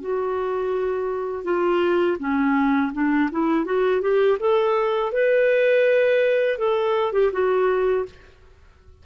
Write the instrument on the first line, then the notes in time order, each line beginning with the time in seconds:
clarinet
0.00 F#4
1.44 F4
2.19 C#4
2.93 D4
3.31 E4
3.65 F#4
4.01 G4
4.39 A4
5.12 B4
6.58 A4
7.12 G4
7.32 F#4